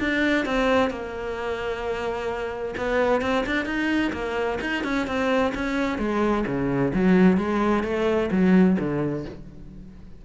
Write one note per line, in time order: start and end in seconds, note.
0.00 0.46 D4
0.46 0.91 C4
0.91 2.75 A#3
2.78 3.22 B3
3.22 3.45 C4
3.47 3.66 D4
3.66 4.12 D#4
4.13 4.59 A#3
4.62 4.84 D#4
4.84 5.07 C#4
5.07 5.54 C4
5.55 5.99 C#4
5.99 6.45 G#3
6.47 6.93 C#3
6.94 7.38 F#3
7.38 7.84 G#3
7.84 8.30 A3
8.32 8.78 F#3
8.79 9.26 D3